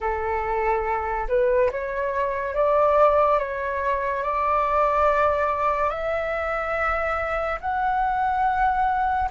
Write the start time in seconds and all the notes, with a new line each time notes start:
0.00 A4
1.28 B4
1.71 C#5
2.54 D5
3.38 C#5
4.23 D5
5.89 E5
7.60 F#5